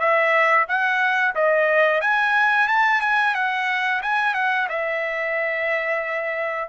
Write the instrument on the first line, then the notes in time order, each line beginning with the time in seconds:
trumpet
0.00 E5
0.68 F#5
1.35 D#5
2.01 G#5
2.68 A5
3.01 G#5
3.35 F#5
4.02 G#5
4.35 F#5
4.69 E5